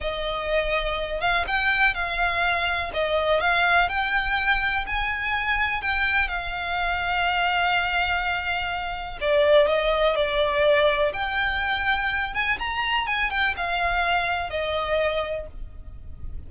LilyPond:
\new Staff \with { instrumentName = "violin" } { \time 4/4 \tempo 4 = 124 dis''2~ dis''8 f''8 g''4 | f''2 dis''4 f''4 | g''2 gis''2 | g''4 f''2.~ |
f''2. d''4 | dis''4 d''2 g''4~ | g''4. gis''8 ais''4 gis''8 g''8 | f''2 dis''2 | }